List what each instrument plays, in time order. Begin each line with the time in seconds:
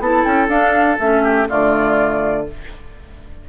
0.00 bassoon B3, clarinet E4, oboe A4, flute A5
0.25 bassoon C#4, flute G5
0.48 bassoon D4, clarinet D4, flute F5
1.00 bassoon A3, clarinet C#4, flute E5
1.24 oboe G4
1.49 bassoon D3, clarinet A3, oboe F4, flute D5